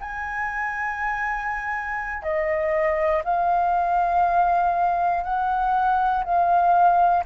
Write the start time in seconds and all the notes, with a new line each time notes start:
0.00 G#5
2.22 D#5
3.24 F5
5.24 F#5
6.24 F5